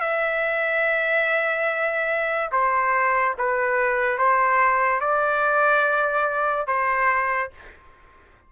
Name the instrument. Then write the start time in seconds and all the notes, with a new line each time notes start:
trumpet
0.00 E5
2.52 C5
3.38 B4
4.18 C5
5.00 D5
6.67 C5